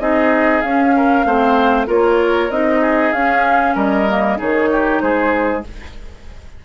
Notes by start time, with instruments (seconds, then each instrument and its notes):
0.00 bassoon C4, clarinet D#4, oboe G#4, flute D#5
0.62 bassoon C#4, clarinet C#4, flute F5
0.96 oboe A#4
1.25 bassoon A3, clarinet C4, oboe C5
1.87 bassoon A#3, clarinet F4, oboe A#4, flute C#5
2.50 bassoon C4, clarinet D#4, flute D#5
2.81 oboe G#4
3.13 bassoon C#4, clarinet C#4, flute F5
3.75 bassoon G3, oboe A#4, flute D#5
4.09 clarinet A#3
4.37 bassoon D#3, clarinet D#4, oboe G#4, flute C#5
4.72 oboe G4
5.01 bassoon G#3, oboe G#4, flute C5